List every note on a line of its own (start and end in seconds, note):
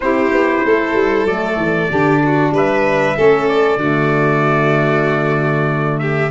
0.00 0.31 C4
0.00 1.27 E4
0.00 0.66 G4
0.00 1.26 C5
0.31 0.62 B3
0.65 0.93 A3
0.65 1.90 A4
0.93 1.25 G3
1.25 1.56 F#3
1.25 1.90 A3
1.25 2.52 D5
1.56 1.87 E3
1.90 2.51 D3
1.90 3.15 D4
1.90 2.22 G4
2.25 2.54 F#4
2.51 3.14 G3
2.51 3.16 B4
2.51 3.48 E5
3.15 3.77 A3
3.15 3.78 C#4
3.15 3.79 A4
3.48 5.99 D5
3.77 6.29 D3
3.77 6.30 A3
3.77 6.00 F#4
5.99 6.30 G4
5.99 6.30 E5